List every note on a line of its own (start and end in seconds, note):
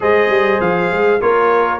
0.00 0.29 G#3
0.00 1.19 G#4
0.00 1.21 C5
0.00 0.60 D#5
0.29 0.59 G3
0.60 0.91 F3
0.60 1.21 F5
0.91 1.21 G#3
1.21 1.79 A#3
1.21 1.79 F4
1.21 1.79 A#4
1.21 1.79 C#5